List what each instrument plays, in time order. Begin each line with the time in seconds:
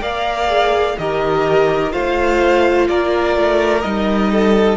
0.00 cello A#3, viola A#4, violin D5 F5
0.47 viola G#4
0.98 cello D#3, viola G4, violin A#4 D#5
1.91 cello A3, viola F4, violin C5 F5
2.88 cello A#3, violin A#4 D5
3.36 cello A3
3.82 cello G3, viola D#4, violin D#5
4.31 violin A4